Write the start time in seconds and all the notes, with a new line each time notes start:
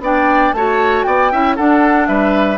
0.00 B3 D4 D5 G5
0.53 A3 F#4 C#5 A5
1.04 B3 D5 G5
1.32 C#4 E4 E5
1.56 D4 A4 F#5
2.07 G3 B4 E5